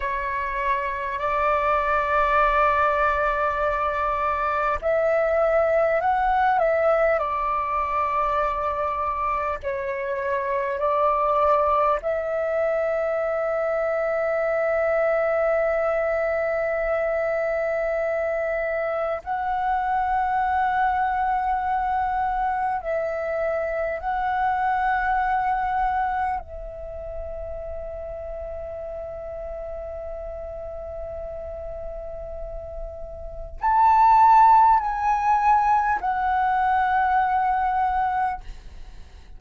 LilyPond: \new Staff \with { instrumentName = "flute" } { \time 4/4 \tempo 4 = 50 cis''4 d''2. | e''4 fis''8 e''8 d''2 | cis''4 d''4 e''2~ | e''1 |
fis''2. e''4 | fis''2 e''2~ | e''1 | a''4 gis''4 fis''2 | }